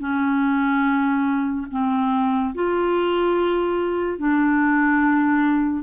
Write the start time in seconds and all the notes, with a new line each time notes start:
0.00 C#4
1.71 C4
2.55 F4
4.18 D4